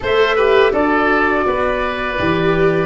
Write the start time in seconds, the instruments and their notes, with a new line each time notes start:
0.00 tuba A3, viola A4, oboe C5, flute E5
0.36 viola G4, oboe B4
0.72 tuba D4, viola F#4, oboe A4, flute D5
1.46 tuba B3, oboe B4
2.19 tuba E3, viola G4